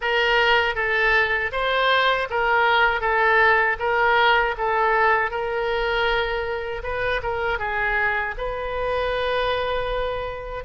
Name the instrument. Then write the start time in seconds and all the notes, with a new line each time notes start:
oboe
0.01 A#4
0.75 A4
1.52 C5
2.30 A#4
3.00 A4
3.79 A#4
4.57 A4
5.30 A#4
6.83 B4
7.22 A#4
7.58 G#4
8.37 B4